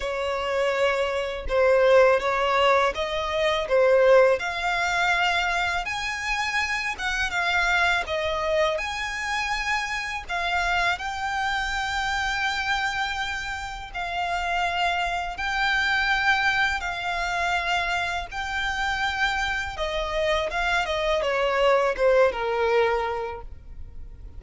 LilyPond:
\new Staff \with { instrumentName = "violin" } { \time 4/4 \tempo 4 = 82 cis''2 c''4 cis''4 | dis''4 c''4 f''2 | gis''4. fis''8 f''4 dis''4 | gis''2 f''4 g''4~ |
g''2. f''4~ | f''4 g''2 f''4~ | f''4 g''2 dis''4 | f''8 dis''8 cis''4 c''8 ais'4. | }